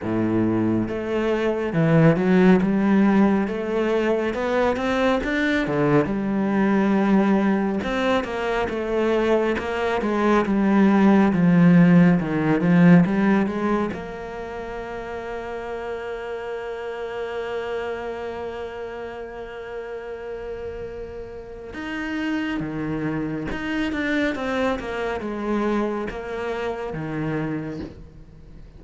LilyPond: \new Staff \with { instrumentName = "cello" } { \time 4/4 \tempo 4 = 69 a,4 a4 e8 fis8 g4 | a4 b8 c'8 d'8 d8 g4~ | g4 c'8 ais8 a4 ais8 gis8 | g4 f4 dis8 f8 g8 gis8 |
ais1~ | ais1~ | ais4 dis'4 dis4 dis'8 d'8 | c'8 ais8 gis4 ais4 dis4 | }